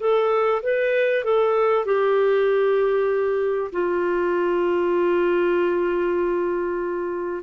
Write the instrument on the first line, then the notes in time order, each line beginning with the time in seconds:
clarinet
0.00 A4
0.63 B4
1.24 A4
1.86 G4
3.72 F4